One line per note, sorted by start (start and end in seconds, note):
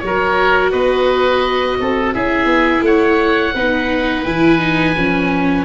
0.00 0.73 F#3
0.00 2.14 F#4
0.00 0.71 C#5
0.07 0.72 A#4
0.72 1.79 B3
0.72 1.78 B4
0.72 2.13 D#5
1.80 2.15 C4
1.80 2.15 A4
2.14 2.46 C#4
2.14 3.55 E4
2.14 2.85 G#4
2.14 2.84 E5
2.46 2.81 B3
2.82 3.52 A3
2.82 3.55 C#5
2.82 4.24 F#5
3.55 4.25 B3
3.55 4.26 D#4
3.55 5.65 B4
4.24 4.97 E3
4.24 4.59 E4
4.24 5.65 G#5
4.59 4.94 D#4
4.97 5.65 F3
4.97 5.65 C#4